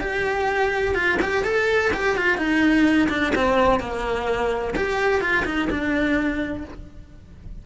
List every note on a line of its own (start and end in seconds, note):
0.00 0.94 G4
0.95 1.18 F4
1.22 1.44 G4
1.44 1.92 A4
1.93 2.16 G4
2.16 2.37 F4
2.37 3.08 D#4
3.09 3.33 D4
3.35 3.80 C4
3.80 4.74 A#3
4.76 5.21 G4
5.21 5.44 F4
5.45 5.68 D#4
5.70 6.64 D4